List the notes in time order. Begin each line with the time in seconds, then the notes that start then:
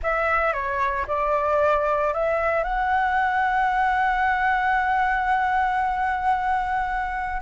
0.02 E5
0.53 C#5
1.07 D5
2.13 E5
2.63 F#5